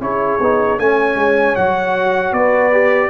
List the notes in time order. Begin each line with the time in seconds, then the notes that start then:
0.00 C#4 E4 G#4 C#5
0.40 B3 D#4
0.79 A3 C#4 C#5 G#5
1.16 G#3
1.56 F#3 F#4 F#5
2.32 B3 B4 D5
2.72 G4